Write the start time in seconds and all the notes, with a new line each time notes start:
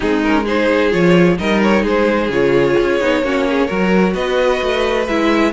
0.00 G#3 C4 D#4 G#4
0.23 C#4 A#4
0.43 D#4 G#4 C5
0.91 F3 F4 C#5
1.38 G3 D#4 A#4 D#5
1.62 C#5
1.82 G#3 G#4 C5
2.29 C#3 F4 C#5
2.79 C#4
3.00 B3 D#4
3.22 A#3 C#4 F#4
3.49 G#4
3.67 F#3 F#4 A#4
4.14 B3 B4 D#5
4.62 A3
5.07 G#3 E4 E5